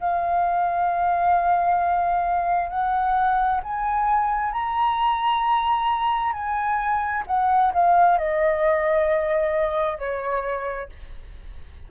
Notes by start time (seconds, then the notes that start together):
0.00 F5
2.69 F#5
3.63 G#5
4.52 A#5
6.32 G#5
7.26 F#5
7.73 F5
8.18 D#5
9.98 C#5